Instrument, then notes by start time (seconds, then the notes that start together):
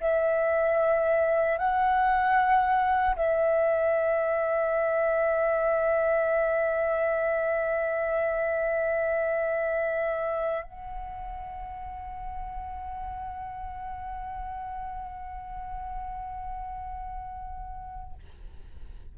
flute
0.00 E5
1.58 F#5
3.16 E5
10.63 F#5